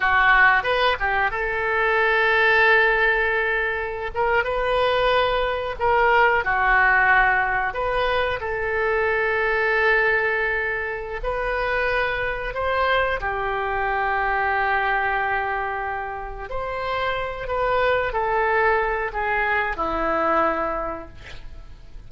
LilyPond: \new Staff \with { instrumentName = "oboe" } { \time 4/4 \tempo 4 = 91 fis'4 b'8 g'8 a'2~ | a'2~ a'16 ais'8 b'4~ b'16~ | b'8. ais'4 fis'2 b'16~ | b'8. a'2.~ a'16~ |
a'4 b'2 c''4 | g'1~ | g'4 c''4. b'4 a'8~ | a'4 gis'4 e'2 | }